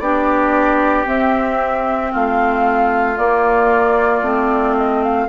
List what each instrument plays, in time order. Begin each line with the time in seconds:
0.00 bassoon B3, clarinet D4, oboe G4, flute D5
1.05 clarinet C4, bassoon C4, flute E5
2.11 bassoon A3, oboe F4, flute F5
3.18 clarinet A#3, bassoon A#3, flute D5
4.22 bassoon A3, clarinet C4
4.77 flute D#5
5.04 flute F5